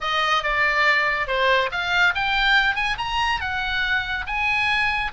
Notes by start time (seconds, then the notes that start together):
0.00 D#5
0.43 D5
1.27 C5
1.71 F5
2.14 G5
2.75 G#5
2.98 A#5
3.40 F#5
4.26 G#5